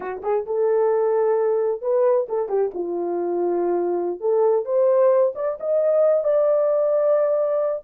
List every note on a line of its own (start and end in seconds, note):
0.00 0.21 F#4
0.23 0.45 G#4
0.46 1.81 A4
1.81 2.27 B4
2.29 2.48 A4
2.48 2.71 G4
2.74 4.20 F4
4.20 4.65 A4
4.65 5.33 C5
5.35 5.57 D5
5.60 6.24 D#5
6.24 7.83 D5